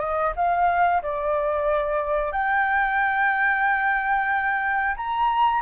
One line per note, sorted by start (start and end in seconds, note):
0.00 0.33 D#5
0.36 1.02 F5
1.03 2.32 D5
2.32 4.96 G5
4.97 5.62 A#5